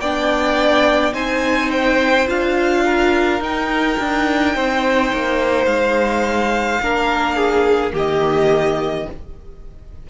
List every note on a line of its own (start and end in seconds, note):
0.00 1.13 B3
0.00 1.12 D4
0.00 1.13 D5
0.00 1.13 G5
1.12 2.26 C4
1.12 2.25 D#4
1.12 2.83 C5
1.12 1.71 G#5
1.71 2.28 G5
2.27 3.40 D4
2.27 3.40 F4
2.27 3.42 F5
2.85 4.55 A#4
3.40 3.96 D#4
3.40 6.80 D#4
3.40 5.65 G5
3.99 4.55 D4
4.55 5.12 C4
4.55 6.81 C5
5.12 5.66 A#3
5.65 6.79 G#3
5.65 7.92 F5
6.81 7.93 A#3
6.81 7.92 D4
6.81 7.36 A#4
7.36 7.92 G#4
7.92 9.06 D#3
7.92 9.05 A#3
7.92 9.06 G4
7.92 9.09 D#5